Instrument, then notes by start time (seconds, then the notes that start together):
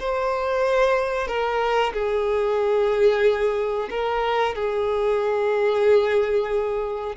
violin
0.00 C5
1.28 A#4
1.94 G#4
3.90 A#4
4.56 G#4